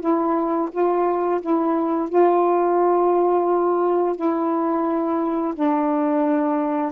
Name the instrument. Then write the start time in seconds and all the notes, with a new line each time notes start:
saxophone
0.00 E4
0.71 F4
1.41 E4
2.09 F4
4.16 E4
5.55 D4